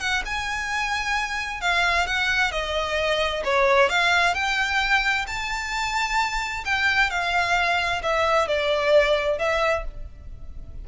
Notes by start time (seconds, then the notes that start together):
0.00 F#5
0.26 G#5
1.61 F5
2.07 F#5
2.52 D#5
3.44 C#5
3.90 F5
4.34 G5
5.27 A5
6.65 G5
7.11 F5
8.03 E5
8.48 D5
9.39 E5